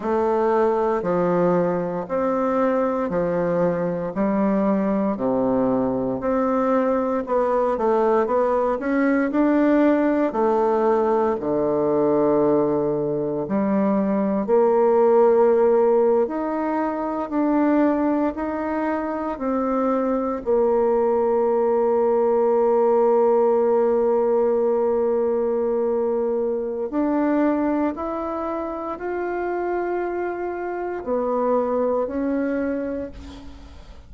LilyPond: \new Staff \with { instrumentName = "bassoon" } { \time 4/4 \tempo 4 = 58 a4 f4 c'4 f4 | g4 c4 c'4 b8 a8 | b8 cis'8 d'4 a4 d4~ | d4 g4 ais4.~ ais16 dis'16~ |
dis'8. d'4 dis'4 c'4 ais16~ | ais1~ | ais2 d'4 e'4 | f'2 b4 cis'4 | }